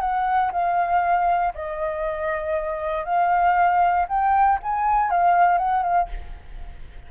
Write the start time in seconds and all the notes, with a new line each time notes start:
0.00 F#5
0.52 F5
1.54 D#5
3.05 F5
4.08 G5
4.62 G#5
5.10 F5
5.58 F#5
5.83 F5